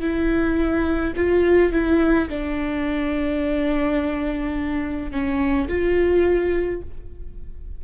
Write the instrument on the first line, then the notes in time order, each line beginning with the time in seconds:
viola
0.00 E4
1.16 F4
1.72 E4
2.29 D4
5.11 C#4
5.68 F4